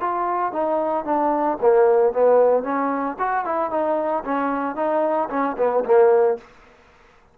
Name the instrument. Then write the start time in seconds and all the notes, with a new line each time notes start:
trombone
0.00 F4
0.52 D#4
1.05 D4
1.60 A#3
2.13 B3
2.63 C#4
3.19 F#4
3.45 E4
3.70 D#4
4.24 C#4
4.76 D#4
5.30 C#4
5.57 B3
5.85 A#3